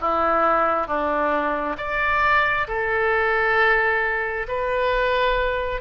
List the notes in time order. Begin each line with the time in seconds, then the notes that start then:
0.00 E4
0.87 D4
1.77 D5
2.67 A4
4.48 B4